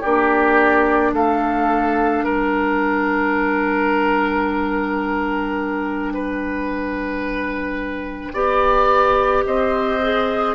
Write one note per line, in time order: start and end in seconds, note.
0.00 1.13 A#3
0.00 8.34 D4
0.00 1.11 G4
0.00 1.14 D5
1.13 2.23 A3
1.13 2.25 A4
1.13 2.26 F5
2.23 8.33 G3
2.23 6.13 A#4
2.23 9.45 G5
6.14 8.33 B4
8.33 9.44 B3
8.33 10.01 G4
8.33 9.44 D5
9.45 10.56 C4
9.45 10.56 C5
9.45 10.56 D#5
10.02 10.56 G#4